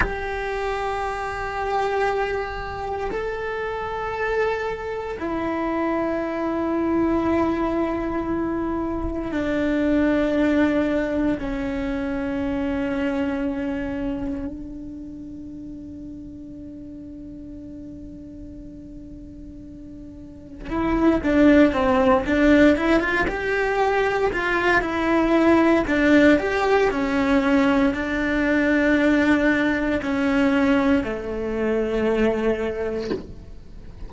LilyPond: \new Staff \with { instrumentName = "cello" } { \time 4/4 \tempo 4 = 58 g'2. a'4~ | a'4 e'2.~ | e'4 d'2 cis'4~ | cis'2 d'2~ |
d'1 | e'8 d'8 c'8 d'8 e'16 f'16 g'4 f'8 | e'4 d'8 g'8 cis'4 d'4~ | d'4 cis'4 a2 | }